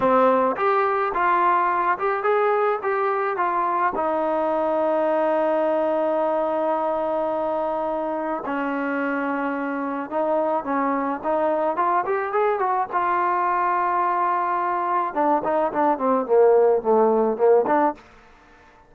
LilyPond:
\new Staff \with { instrumentName = "trombone" } { \time 4/4 \tempo 4 = 107 c'4 g'4 f'4. g'8 | gis'4 g'4 f'4 dis'4~ | dis'1~ | dis'2. cis'4~ |
cis'2 dis'4 cis'4 | dis'4 f'8 g'8 gis'8 fis'8 f'4~ | f'2. d'8 dis'8 | d'8 c'8 ais4 a4 ais8 d'8 | }